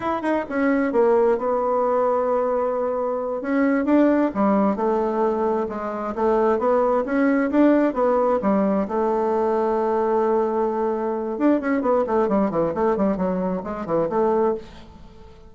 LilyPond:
\new Staff \with { instrumentName = "bassoon" } { \time 4/4 \tempo 4 = 132 e'8 dis'8 cis'4 ais4 b4~ | b2.~ b8 cis'8~ | cis'8 d'4 g4 a4.~ | a8 gis4 a4 b4 cis'8~ |
cis'8 d'4 b4 g4 a8~ | a1~ | a4 d'8 cis'8 b8 a8 g8 e8 | a8 g8 fis4 gis8 e8 a4 | }